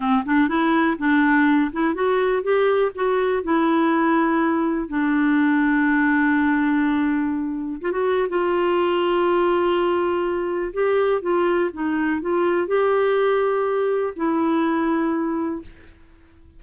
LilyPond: \new Staff \with { instrumentName = "clarinet" } { \time 4/4 \tempo 4 = 123 c'8 d'8 e'4 d'4. e'8 | fis'4 g'4 fis'4 e'4~ | e'2 d'2~ | d'1 |
f'16 fis'8. f'2.~ | f'2 g'4 f'4 | dis'4 f'4 g'2~ | g'4 e'2. | }